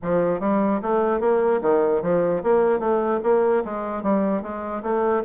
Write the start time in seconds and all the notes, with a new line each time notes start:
0.02 F3
0.40 G3
0.82 A3
1.20 A#3
1.61 D#3
2.02 F3
2.43 A#3
2.79 A3
3.23 A#3
3.64 G#3
4.03 G3
4.42 G#3
4.82 A3